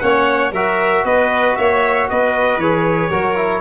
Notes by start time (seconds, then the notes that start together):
0.00 A#3 C#4 C#5 F#5
0.52 F#3 F#4 A#4 E5
1.05 B3 B4 D#5
1.56 A#3 C#5 E5
2.10 B3 B4 D#5
2.57 E3 G#4 C#5
3.10 F#3 F#4 A#4
3.36 E4